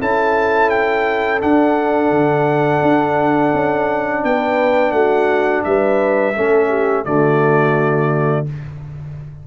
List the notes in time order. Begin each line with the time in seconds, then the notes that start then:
0.00 C#4 E4 A4 A5
0.70 G5
1.40 D4 F#5
2.11 D3
2.82 D4
3.54 C#4
4.24 B3 B4 G5
4.92 A3 F#4 F#5
5.64 G3 B4 E5
6.35 A3 C#4 A4
6.69 G4
7.05 D3 A3 F#4 D5